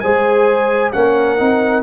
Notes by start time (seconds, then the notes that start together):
0.00 G#3 G#4 C5 G#5
0.92 A#3 C#4 A#4 F#5
1.38 C4 D#4